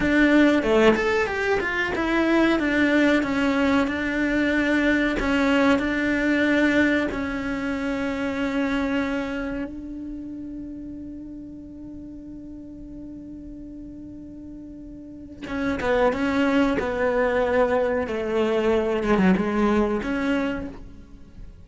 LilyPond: \new Staff \with { instrumentName = "cello" } { \time 4/4 \tempo 4 = 93 d'4 a8 a'8 g'8 f'8 e'4 | d'4 cis'4 d'2 | cis'4 d'2 cis'4~ | cis'2. d'4~ |
d'1~ | d'1 | cis'8 b8 cis'4 b2 | a4. gis16 fis16 gis4 cis'4 | }